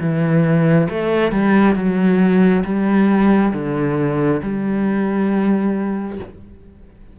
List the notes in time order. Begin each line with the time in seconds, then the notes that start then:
0.00 E3
0.89 A3
1.32 G3
1.75 F#3
2.65 G3
3.53 D3
4.42 G3